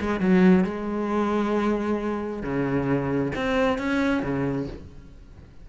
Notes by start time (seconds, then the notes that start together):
0.00 G#3
0.20 F#3
0.64 G#3
2.42 C#3
3.35 C4
3.78 C#4
4.23 C#3